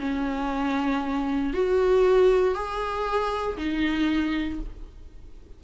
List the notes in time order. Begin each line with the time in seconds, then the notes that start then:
0.00 C#4
1.54 F#4
2.55 G#4
3.58 D#4